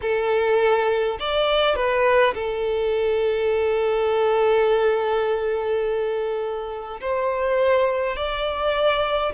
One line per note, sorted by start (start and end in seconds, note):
0.01 1.18 A4
1.19 1.75 D5
1.75 2.34 B4
2.34 7.00 A4
7.00 8.16 C5
8.16 9.32 D5